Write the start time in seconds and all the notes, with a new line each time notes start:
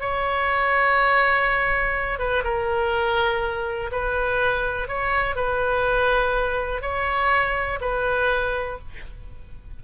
0.00 C#5
2.19 B4
2.44 A#4
3.92 B4
4.88 C#5
5.36 B4
6.82 C#5
7.81 B4